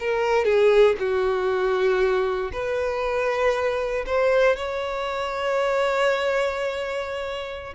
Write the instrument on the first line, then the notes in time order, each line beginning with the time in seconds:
violin
0.00 A#4
0.45 G#4
0.99 F#4
2.53 B4
4.06 C5
4.56 C#5